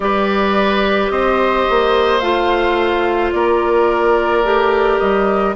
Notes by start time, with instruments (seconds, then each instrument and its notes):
0.00 bassoon G3, clarinet G4, oboe B4, flute D5
1.09 bassoon C4, oboe C5, flute D#5
1.69 bassoon A#3
2.19 bassoon A3, clarinet F4, flute F5
3.31 bassoon A#3, oboe A#4, flute D5
4.44 bassoon A3, clarinet G4
4.98 bassoon G3, flute D#5